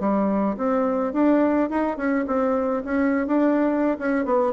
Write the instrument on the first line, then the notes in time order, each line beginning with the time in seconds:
bassoon
0.00 G3
0.57 C4
1.13 D4
1.70 D#4
1.97 C#4
2.27 C4
2.85 C#4
3.27 D4
3.99 C#4
4.25 B3